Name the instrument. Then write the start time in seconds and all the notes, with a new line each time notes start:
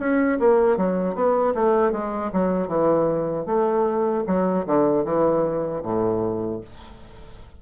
bassoon
0.00 C#4
0.40 A#3
0.78 F#3
1.15 B3
1.55 A3
1.92 G#3
2.33 F#3
2.68 E3
3.46 A3
4.28 F#3
4.66 D3
5.05 E3
5.83 A2